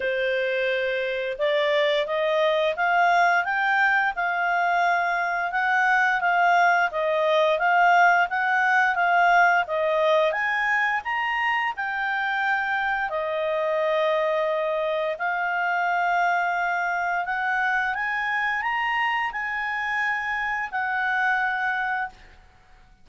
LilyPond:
\new Staff \with { instrumentName = "clarinet" } { \time 4/4 \tempo 4 = 87 c''2 d''4 dis''4 | f''4 g''4 f''2 | fis''4 f''4 dis''4 f''4 | fis''4 f''4 dis''4 gis''4 |
ais''4 g''2 dis''4~ | dis''2 f''2~ | f''4 fis''4 gis''4 ais''4 | gis''2 fis''2 | }